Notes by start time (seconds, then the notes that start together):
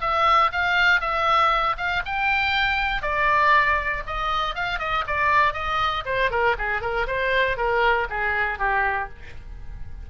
0.00 E5
0.52 F5
1.00 E5
1.77 F5
2.05 G5
3.02 D5
4.06 D#5
4.55 F5
4.79 D#5
5.06 D5
5.53 D#5
6.05 C5
6.30 A#4
6.58 G#4
6.81 A#4
7.07 C5
7.57 A#4
8.09 G#4
8.58 G4